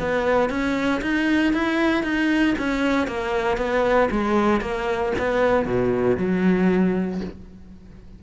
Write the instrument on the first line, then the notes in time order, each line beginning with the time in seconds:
cello
0.00 B3
0.50 C#4
1.02 D#4
1.54 E4
2.04 D#4
2.59 C#4
3.08 A#3
3.57 B3
4.11 G#3
4.61 A#3
5.19 B3
5.66 B2
6.18 F#3